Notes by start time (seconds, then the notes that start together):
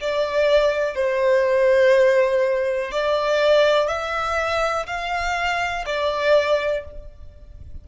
0.00 D5
0.94 C5
2.91 D5
3.87 E5
4.86 F5
5.85 D5